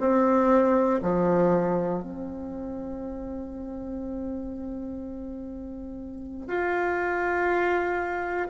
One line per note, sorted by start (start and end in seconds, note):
0.00 1.00 C4
1.02 2.02 F3
2.02 6.47 C4
6.47 8.47 F4